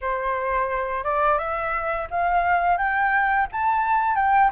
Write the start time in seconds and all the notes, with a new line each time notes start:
0.01 C5
1.04 D5
1.38 E5
2.10 F5
2.77 G5
3.51 A5
4.15 G5